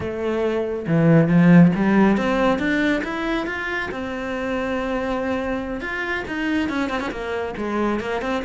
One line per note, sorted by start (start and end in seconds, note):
0.00 0.86 A3
0.87 1.28 E3
1.28 1.71 F3
1.75 2.17 G3
2.17 2.58 C4
2.58 3.02 D4
3.04 3.46 E4
3.46 3.89 F4
3.91 5.81 C4
5.81 6.24 F4
6.27 6.69 D#4
6.69 6.89 C#4
6.89 7.00 C4
7.00 7.10 C#4
7.11 7.54 A#3
7.57 8.00 G#3
8.00 8.21 A#3
8.21 8.43 C4